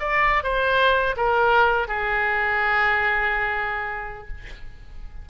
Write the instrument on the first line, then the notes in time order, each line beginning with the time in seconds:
oboe
0.00 D5
0.43 C5
1.17 A#4
1.88 G#4